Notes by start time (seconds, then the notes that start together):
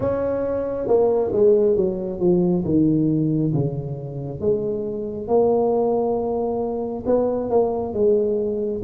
0.00 C#4
0.87 A#3
1.32 G#3
1.76 F#3
2.19 F3
2.65 D#3
3.53 C#3
4.40 G#3
5.27 A#3
7.06 B3
7.50 A#3
7.93 G#3